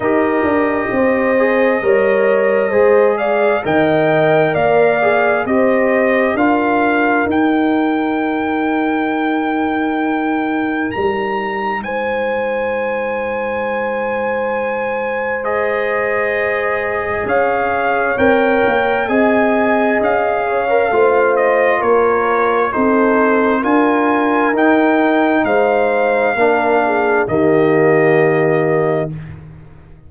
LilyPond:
<<
  \new Staff \with { instrumentName = "trumpet" } { \time 4/4 \tempo 4 = 66 dis''2.~ dis''8 f''8 | g''4 f''4 dis''4 f''4 | g''1 | ais''4 gis''2.~ |
gis''4 dis''2 f''4 | g''4 gis''4 f''4. dis''8 | cis''4 c''4 gis''4 g''4 | f''2 dis''2 | }
  \new Staff \with { instrumentName = "horn" } { \time 4/4 ais'4 c''4 cis''4 c''8 d''8 | dis''4 d''4 c''4 ais'4~ | ais'1~ | ais'4 c''2.~ |
c''2. cis''4~ | cis''4 dis''4. cis''8 c''4 | ais'4 a'4 ais'2 | c''4 ais'8 gis'8 g'2 | }
  \new Staff \with { instrumentName = "trombone" } { \time 4/4 g'4. gis'8 ais'4 gis'4 | ais'4. gis'8 g'4 f'4 | dis'1~ | dis'1~ |
dis'4 gis'2. | ais'4 gis'4.~ gis'16 ais'16 f'4~ | f'4 dis'4 f'4 dis'4~ | dis'4 d'4 ais2 | }
  \new Staff \with { instrumentName = "tuba" } { \time 4/4 dis'8 d'8 c'4 g4 gis4 | dis4 ais4 c'4 d'4 | dis'1 | g4 gis2.~ |
gis2. cis'4 | c'8 ais8 c'4 cis'4 a4 | ais4 c'4 d'4 dis'4 | gis4 ais4 dis2 | }
>>